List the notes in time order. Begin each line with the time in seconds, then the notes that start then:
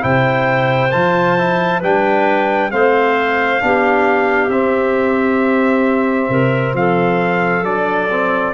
0.00 C3 E4 C5 G5
0.91 F3 F4 A5
1.38 E4
1.80 G3 D4 B4 G5
2.71 A3 C4 C5 F5
3.60 B3 D4 G4
4.49 C4 E5
6.29 C3 A#4
6.74 F3 A4 F5
7.63 F#3 D4 D5
8.10 C4